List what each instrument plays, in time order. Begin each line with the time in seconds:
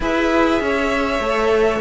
0.00 cello E4, viola G#4, violin B4 E5
0.60 cello C#4, violin C#5
1.19 cello A3, viola A4